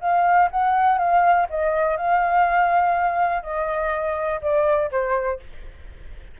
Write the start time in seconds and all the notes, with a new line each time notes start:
0.00 F5
0.51 F#5
0.98 F5
1.49 D#5
1.96 F5
3.43 D#5
4.41 D5
4.91 C5